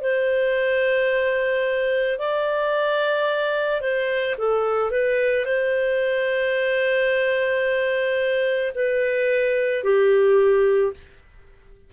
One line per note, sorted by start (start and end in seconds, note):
0.00 2.18 C5
2.18 3.80 D5
3.80 4.35 C5
4.37 4.90 A4
4.90 5.45 B4
5.45 8.72 C5
8.74 9.83 B4
9.83 10.92 G4